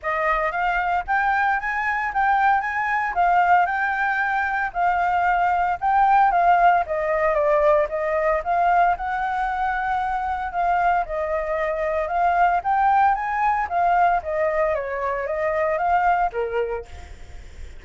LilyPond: \new Staff \with { instrumentName = "flute" } { \time 4/4 \tempo 4 = 114 dis''4 f''4 g''4 gis''4 | g''4 gis''4 f''4 g''4~ | g''4 f''2 g''4 | f''4 dis''4 d''4 dis''4 |
f''4 fis''2. | f''4 dis''2 f''4 | g''4 gis''4 f''4 dis''4 | cis''4 dis''4 f''4 ais'4 | }